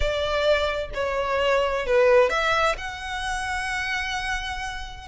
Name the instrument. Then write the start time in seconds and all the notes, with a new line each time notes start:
violin
0.00 D5
0.94 C#5
1.86 B4
2.29 E5
2.77 F#5